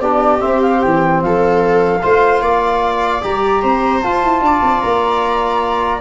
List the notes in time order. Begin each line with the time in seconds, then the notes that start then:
0.00 B3 D4 G4 D5
0.39 C4 E5
0.62 F5
0.81 E3 G5
1.22 F3 A4 F5
2.02 A3 F4 C5
2.41 A#3 D5
3.21 G3 G4 A#5
3.62 C4 C5
4.03 F4 A5
4.23 E4
4.41 D4 D5
4.62 C4
4.80 A#3 A#5